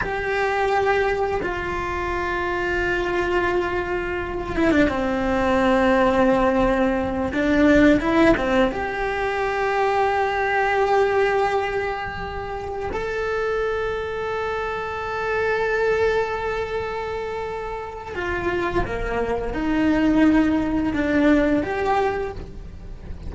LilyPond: \new Staff \with { instrumentName = "cello" } { \time 4/4 \tempo 4 = 86 g'2 f'2~ | f'2~ f'8 e'16 d'16 c'4~ | c'2~ c'8 d'4 e'8 | c'8 g'2.~ g'8~ |
g'2~ g'8 a'4.~ | a'1~ | a'2 f'4 ais4 | dis'2 d'4 g'4 | }